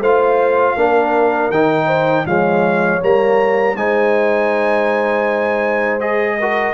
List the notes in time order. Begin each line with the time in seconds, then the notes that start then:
0.00 A3 F4 C5 F5
0.77 A#3 D4 A#4
1.50 D#3 D#4 G5
1.87 C5
2.26 F3 G#3 C#5 F5
3.01 G3 A#3 A#5
3.77 G#3 D#4 C5 G#5
6.00 G#4 D#5
6.39 F#4 A#4